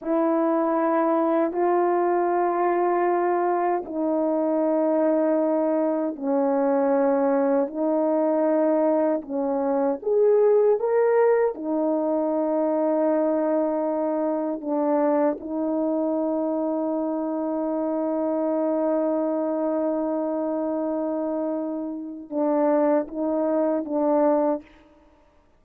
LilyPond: \new Staff \with { instrumentName = "horn" } { \time 4/4 \tempo 4 = 78 e'2 f'2~ | f'4 dis'2. | cis'2 dis'2 | cis'4 gis'4 ais'4 dis'4~ |
dis'2. d'4 | dis'1~ | dis'1~ | dis'4 d'4 dis'4 d'4 | }